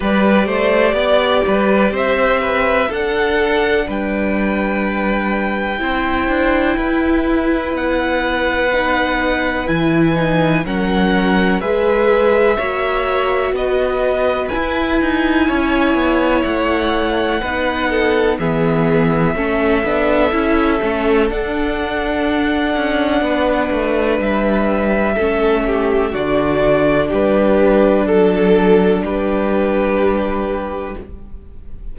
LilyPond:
<<
  \new Staff \with { instrumentName = "violin" } { \time 4/4 \tempo 4 = 62 d''2 e''4 fis''4 | g''1 | fis''2 gis''4 fis''4 | e''2 dis''4 gis''4~ |
gis''4 fis''2 e''4~ | e''2 fis''2~ | fis''4 e''2 d''4 | b'4 a'4 b'2 | }
  \new Staff \with { instrumentName = "violin" } { \time 4/4 b'8 c''8 d''8 b'8 c''8 b'8 a'4 | b'2 c''4 b'4~ | b'2. ais'4 | b'4 cis''4 b'2 |
cis''2 b'8 a'8 gis'4 | a'1 | b'2 a'8 g'8 fis'4 | g'4 a'4 g'2 | }
  \new Staff \with { instrumentName = "viola" } { \time 4/4 g'2. d'4~ | d'2 e'2~ | e'4 dis'4 e'8 dis'8 cis'4 | gis'4 fis'2 e'4~ |
e'2 dis'4 b4 | cis'8 d'8 e'8 cis'8 d'2~ | d'2 cis'4 d'4~ | d'1 | }
  \new Staff \with { instrumentName = "cello" } { \time 4/4 g8 a8 b8 g8 c'4 d'4 | g2 c'8 d'8 e'4 | b2 e4 fis4 | gis4 ais4 b4 e'8 dis'8 |
cis'8 b8 a4 b4 e4 | a8 b8 cis'8 a8 d'4. cis'8 | b8 a8 g4 a4 d4 | g4 fis4 g2 | }
>>